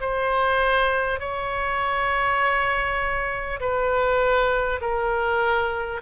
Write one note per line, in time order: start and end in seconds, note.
0.00 1.19 C5
1.19 3.59 C#5
3.60 4.80 B4
4.81 6.01 A#4